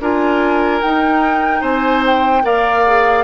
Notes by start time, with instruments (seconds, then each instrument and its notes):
0.00 bassoon D4, clarinet F4, oboe A#4, flute G#5
0.81 clarinet D#4, bassoon D#4, flute G5
1.61 bassoon C4, oboe C5, flute G#5
2.06 flute G5
2.43 bassoon A#3, clarinet A#4, oboe D5, flute F5
2.86 clarinet G#4